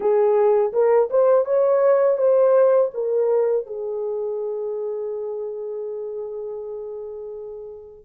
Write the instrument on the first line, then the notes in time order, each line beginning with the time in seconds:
horn
0.00 G#4
0.73 A#4
1.09 C5
1.45 C#5
2.18 C5
2.93 A#4
3.66 G#4